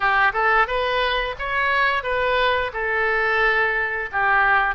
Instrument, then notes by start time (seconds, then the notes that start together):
oboe
0.00 G4
0.33 A4
0.67 B4
1.38 C#5
2.03 B4
2.73 A4
4.12 G4